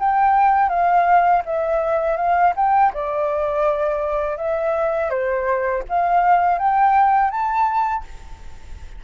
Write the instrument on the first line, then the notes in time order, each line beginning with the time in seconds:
flute
0.00 G5
0.70 F5
1.46 E5
2.17 F5
2.56 G5
2.94 D5
4.38 E5
5.10 C5
5.89 F5
6.59 G5
7.31 A5